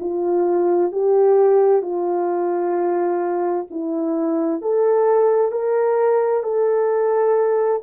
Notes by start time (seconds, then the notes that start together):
0.00 F4
0.92 G4
1.82 F4
3.70 E4
4.62 A4
5.52 A#4
6.43 A4